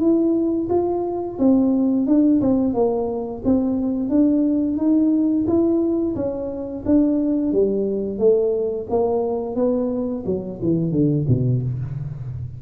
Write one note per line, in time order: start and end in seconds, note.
0.00 0.68 E4
0.69 1.38 F4
1.39 2.07 C4
2.07 2.41 D4
2.41 2.74 C4
2.74 3.42 A#3
3.45 4.09 C4
4.09 4.77 D4
4.77 5.45 D#4
5.47 6.15 E4
6.15 6.84 C#4
6.85 7.52 D4
7.52 8.18 G3
8.18 8.87 A3
8.90 9.55 A#3
9.55 10.24 B3
10.26 10.60 F#3
10.62 10.91 E3
10.91 11.25 D3
11.28 11.62 B2